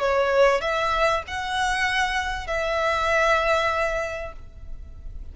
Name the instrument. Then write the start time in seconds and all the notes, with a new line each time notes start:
violin
0.00 C#5
0.61 E5
1.28 F#5
2.47 E5